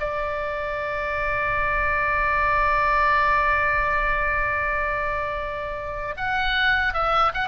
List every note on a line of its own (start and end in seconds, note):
0.00 6.15 D5
6.17 6.94 F#5
6.94 7.33 E5
7.34 7.48 F#5